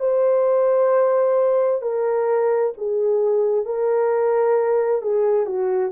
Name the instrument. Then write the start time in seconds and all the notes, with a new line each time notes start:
horn
0.00 C5
1.82 A#4
2.78 G#4
3.66 A#4
5.02 G#4
5.46 F#4